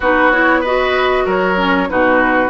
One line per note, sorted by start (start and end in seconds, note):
0.00 1.25 B3
0.00 0.32 D#4
0.00 0.61 F#4
0.00 0.31 B4
0.31 0.64 E4
0.31 0.62 C#5
0.61 1.56 F#4
0.61 1.24 B4
0.61 1.27 D#5
1.25 1.89 F#3
1.25 1.88 A#4
1.25 1.89 C#5
1.56 1.88 C#4
1.88 2.49 B2
1.88 2.49 D#4
1.88 2.49 F#4
1.88 2.49 B4